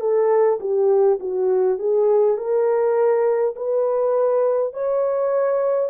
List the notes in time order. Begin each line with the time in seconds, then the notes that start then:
0.00 A4
0.60 G4
1.20 F#4
1.79 G#4
2.37 A#4
3.56 B4
4.73 C#5